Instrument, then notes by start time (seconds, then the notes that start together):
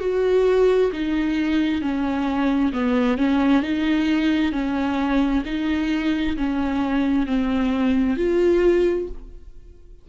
viola
0.00 F#4
0.92 D#4
1.81 C#4
2.73 B3
3.17 C#4
3.62 D#4
4.52 C#4
5.45 D#4
6.37 C#4
7.26 C4
8.17 F4